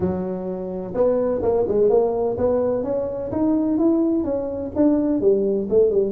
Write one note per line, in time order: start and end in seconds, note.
0.00 0.94 F#3
0.94 1.41 B3
1.42 1.66 A#3
1.68 1.89 G#3
1.89 2.36 A#3
2.37 2.83 B3
2.83 3.31 C#4
3.31 3.78 D#4
3.78 4.24 E4
4.24 4.71 C#4
4.75 5.20 D4
5.20 5.68 G3
5.69 5.90 A3
5.90 6.12 G3